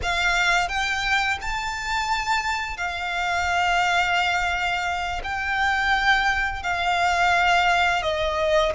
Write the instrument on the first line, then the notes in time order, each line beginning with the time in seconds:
violin
0.02 F5
0.68 G5
1.41 A5
2.77 F5
5.23 G5
6.62 F5
8.02 D#5